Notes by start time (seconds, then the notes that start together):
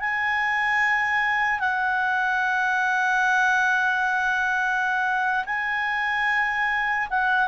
0.00 G#5
1.60 F#5
5.46 G#5
7.10 F#5